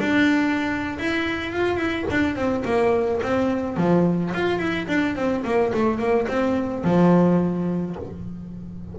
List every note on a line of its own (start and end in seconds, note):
0.00 0.98 D4
0.99 1.52 E4
1.52 1.77 F4
1.77 2.05 E4
2.11 2.36 D4
2.36 2.64 C4
2.65 3.21 A#3
3.23 3.77 C4
3.77 4.33 F3
4.34 4.59 F4
4.59 4.87 E4
4.88 5.16 D4
5.16 5.44 C4
5.44 5.72 A#3
5.74 5.99 A3
5.99 6.27 A#3
6.28 6.84 C4
6.84 7.96 F3